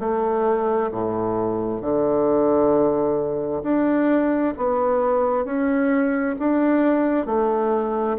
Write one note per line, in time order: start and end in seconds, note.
0.00 0.91 A3
0.92 1.81 A2
1.81 3.63 D3
3.64 4.55 D4
4.57 5.45 B3
5.45 6.36 C#4
6.40 7.26 D4
7.26 8.17 A3